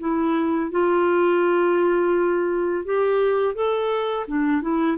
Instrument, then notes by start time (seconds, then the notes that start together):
clarinet
0.00 E4
0.71 F4
2.85 G4
3.55 A4
4.28 D4
4.62 E4